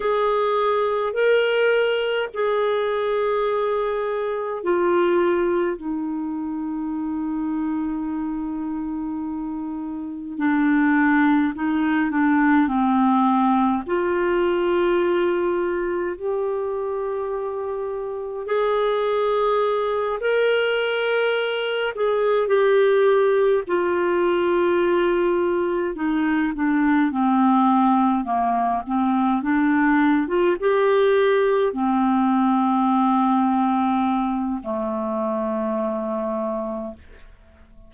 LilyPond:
\new Staff \with { instrumentName = "clarinet" } { \time 4/4 \tempo 4 = 52 gis'4 ais'4 gis'2 | f'4 dis'2.~ | dis'4 d'4 dis'8 d'8 c'4 | f'2 g'2 |
gis'4. ais'4. gis'8 g'8~ | g'8 f'2 dis'8 d'8 c'8~ | c'8 ais8 c'8 d'8. f'16 g'4 c'8~ | c'2 a2 | }